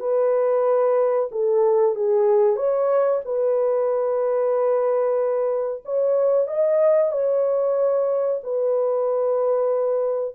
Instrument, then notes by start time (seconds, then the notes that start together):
horn
0.00 B4
1.31 A4
1.96 G#4
2.56 C#5
3.25 B4
5.85 C#5
6.47 D#5
7.12 C#5
8.44 B4